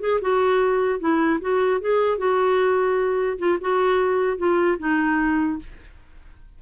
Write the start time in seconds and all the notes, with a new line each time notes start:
0.00 G#4
0.21 F#4
1.00 E4
1.41 F#4
1.81 G#4
2.18 F#4
3.39 F4
3.61 F#4
4.38 F4
4.79 D#4